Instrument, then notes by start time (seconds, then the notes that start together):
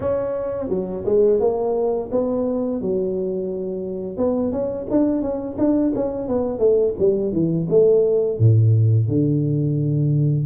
tuba
0.00 C#4
0.68 F#3
1.05 G#3
1.40 A#3
2.11 B3
2.81 F#3
4.17 B3
4.52 C#4
4.90 D4
5.22 C#4
5.58 D4
5.95 C#4
6.28 B3
6.59 A3
6.99 G3
7.32 E3
7.69 A3
8.38 A2
9.07 D3